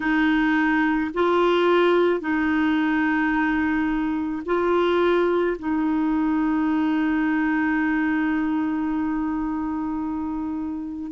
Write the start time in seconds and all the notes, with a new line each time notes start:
0.00 D#4
1.14 F4
2.20 D#4
4.45 F4
5.59 D#4